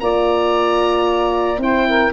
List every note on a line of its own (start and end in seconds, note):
0.00 1.58 A#3
0.00 1.59 F4
0.00 1.61 D5
0.00 1.61 A#5
1.58 2.11 C4
1.58 2.12 E4
1.58 1.88 C5
1.58 2.13 G5
1.88 2.13 A#4